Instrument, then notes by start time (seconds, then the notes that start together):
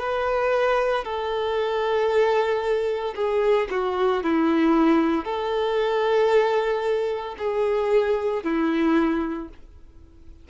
violin
0.00 B4
1.05 A4
3.16 G#4
3.71 F#4
4.24 E4
5.25 A4
7.39 G#4
8.44 E4